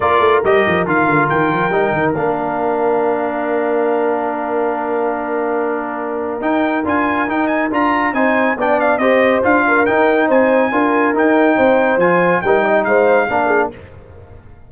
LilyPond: <<
  \new Staff \with { instrumentName = "trumpet" } { \time 4/4 \tempo 4 = 140 d''4 dis''4 f''4 g''4~ | g''4 f''2.~ | f''1~ | f''2. g''4 |
gis''4 g''8 gis''8 ais''4 gis''4 | g''8 f''8 dis''4 f''4 g''4 | gis''2 g''2 | gis''4 g''4 f''2 | }
  \new Staff \with { instrumentName = "horn" } { \time 4/4 ais'1~ | ais'1~ | ais'1~ | ais'1~ |
ais'2. c''4 | d''4 c''4. ais'4. | c''4 ais'2 c''4~ | c''4 ais'8 dis''8 c''4 ais'8 gis'8 | }
  \new Staff \with { instrumentName = "trombone" } { \time 4/4 f'4 g'4 f'2 | dis'4 d'2.~ | d'1~ | d'2. dis'4 |
f'4 dis'4 f'4 dis'4 | d'4 g'4 f'4 dis'4~ | dis'4 f'4 dis'2 | f'4 dis'2 d'4 | }
  \new Staff \with { instrumentName = "tuba" } { \time 4/4 ais8 a8 g8 f8 dis8 d8 dis8 f8 | g8 dis8 ais2.~ | ais1~ | ais2. dis'4 |
d'4 dis'4 d'4 c'4 | b4 c'4 d'4 dis'4 | c'4 d'4 dis'4 c'4 | f4 g4 gis4 ais4 | }
>>